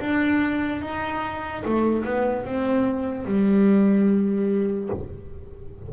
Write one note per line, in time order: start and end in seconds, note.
0.00 0.82 D4
0.82 1.64 D#4
1.65 2.05 A3
2.05 2.45 B3
2.45 3.25 C4
3.25 4.90 G3